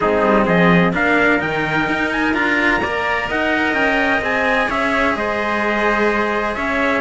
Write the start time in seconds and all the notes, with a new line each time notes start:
0.00 G#3 C4 D#4 G#4
0.22 G3
0.45 F3 G#4 D#5
0.92 A#3 D4 A#4 F5
1.39 D#3 D#4 G5
1.87 D#4
2.11 G#5
2.33 D4 F4 A#5
2.81 A#3 A#4 D5
3.28 D#4 D#5 F#5
3.73 C#4 G5
4.21 C4 G#4 G#5
4.68 C#4 C#5 E5
5.15 G#3 C5 D#5
6.54 C#4 C#5 E5